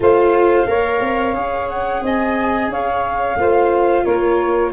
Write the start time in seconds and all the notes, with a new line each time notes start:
0.00 A3 F4 C5 F5
0.67 A#3 A#4 C#5
1.00 C4
1.33 C#4 G#4
1.69 F#5
2.02 C4 D#5 G#5
2.68 C#4 C#5 F5
3.36 A3 F4 C5
4.04 A#3 A#4 C#5